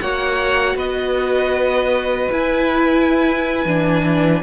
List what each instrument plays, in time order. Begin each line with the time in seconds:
0.00 cello A#3, viola F#4, violin C#5 F#5
0.75 cello B3, violin B4 D#5
2.31 viola E4, cello E4, violin G#5
3.65 cello E3, viola D4